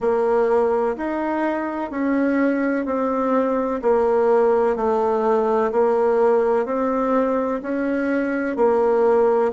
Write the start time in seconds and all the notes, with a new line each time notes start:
0.00 A#3
0.96 D#4
1.90 C#4
2.85 C4
3.82 A#3
4.76 A3
5.71 A#3
6.65 C4
7.62 C#4
8.56 A#3